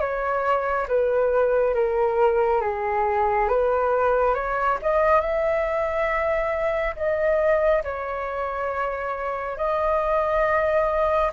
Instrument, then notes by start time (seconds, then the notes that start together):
flute
0.00 C#5
0.88 B4
1.74 A#4
2.61 G#4
3.49 B4
4.34 C#5
4.82 D#5
5.21 E5
6.96 D#5
7.84 C#5
9.57 D#5